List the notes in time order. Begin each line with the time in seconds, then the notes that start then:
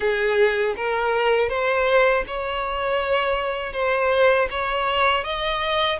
0.00 G#4
0.76 A#4
1.49 C5
2.27 C#5
3.73 C5
4.50 C#5
5.24 D#5